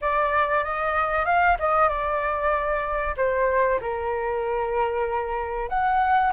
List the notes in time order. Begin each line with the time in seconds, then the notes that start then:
0.01 D5
0.63 D#5
1.25 F5
1.59 D#5
1.88 D5
3.16 C5
3.80 A#4
5.69 F#5